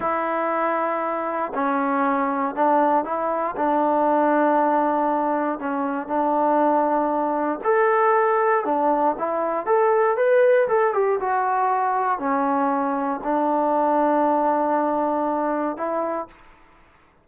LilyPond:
\new Staff \with { instrumentName = "trombone" } { \time 4/4 \tempo 4 = 118 e'2. cis'4~ | cis'4 d'4 e'4 d'4~ | d'2. cis'4 | d'2. a'4~ |
a'4 d'4 e'4 a'4 | b'4 a'8 g'8 fis'2 | cis'2 d'2~ | d'2. e'4 | }